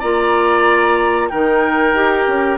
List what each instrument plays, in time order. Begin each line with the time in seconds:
0.00 bassoon A#3, clarinet F4, oboe D5, flute A#5
1.29 bassoon D#3, clarinet D#4, oboe A#4, flute G5
1.93 bassoon D#4, clarinet G4
2.28 bassoon C#4